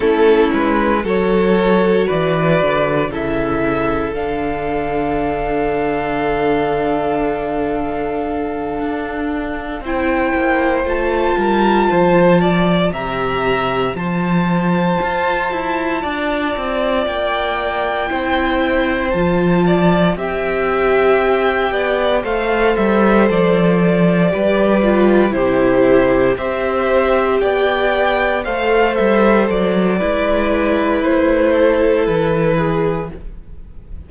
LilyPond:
<<
  \new Staff \with { instrumentName = "violin" } { \time 4/4 \tempo 4 = 58 a'8 b'8 cis''4 d''4 e''4 | f''1~ | f''4. g''4 a''4.~ | a''8 ais''4 a''2~ a''8~ |
a''8 g''2 a''4 g''8~ | g''4. f''8 e''8 d''4.~ | d''8 c''4 e''4 g''4 f''8 | e''8 d''4. c''4 b'4 | }
  \new Staff \with { instrumentName = "violin" } { \time 4/4 e'4 a'4 b'4 a'4~ | a'1~ | a'4. c''4. ais'8 c''8 | d''8 e''4 c''2 d''8~ |
d''4. c''4. d''8 e''8~ | e''4 d''8 c''2 b'8~ | b'8 g'4 c''4 d''4 c''8~ | c''4 b'4. a'4 gis'8 | }
  \new Staff \with { instrumentName = "viola" } { \time 4/4 cis'4 fis'2 e'4 | d'1~ | d'4. e'4 f'4.~ | f'8 g'4 f'2~ f'8~ |
f'4. e'4 f'4 g'8~ | g'4. a'2 g'8 | f'8 e'4 g'2 a'8~ | a'4 e'2. | }
  \new Staff \with { instrumentName = "cello" } { \time 4/4 a8 gis8 fis4 e8 d8 cis4 | d1~ | d8 d'4 c'8 ais8 a8 g8 f8~ | f8 c4 f4 f'8 e'8 d'8 |
c'8 ais4 c'4 f4 c'8~ | c'4 b8 a8 g8 f4 g8~ | g8 c4 c'4 b4 a8 | g8 fis8 gis4 a4 e4 | }
>>